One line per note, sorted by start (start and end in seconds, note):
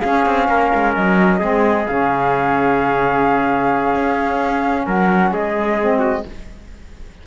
0.00 1.40 C#4
0.00 0.25 C#4
0.00 0.46 G#4
0.00 0.92 F5
0.25 0.48 C4
0.48 0.71 A#3
0.48 1.39 A#4
0.75 0.96 G#3
0.95 1.41 F#3
0.95 1.87 D#5
1.39 1.87 G#3
1.39 1.86 C4
1.39 4.85 G#4
1.87 3.95 C#3
1.87 5.79 C#4
1.87 4.87 F5
3.95 4.87 C#4
4.86 5.31 F#3
4.86 5.32 A#4
4.86 5.33 F#5
5.31 6.24 G#3
5.31 5.99 G#4
5.31 6.26 D#5
5.80 6.26 C4
5.99 6.22 F#4